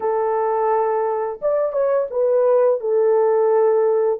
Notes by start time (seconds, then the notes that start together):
0.00 A4
1.41 D5
1.72 C#5
2.10 B4
2.80 A4